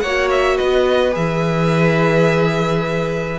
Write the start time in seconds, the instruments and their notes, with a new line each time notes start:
0.00 cello A#3, viola F#4, violin C#5 F#5
0.30 violin E5
0.57 cello B3, violin B4 D#5
1.11 cello E3, viola G#4, violin E5